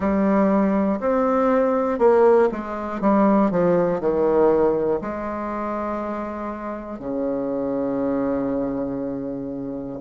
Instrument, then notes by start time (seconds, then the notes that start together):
bassoon
0.00 G3
1.00 C4
1.99 A#3
2.51 G#3
3.00 G3
3.50 F3
4.00 D#3
5.00 G#3
6.99 C#3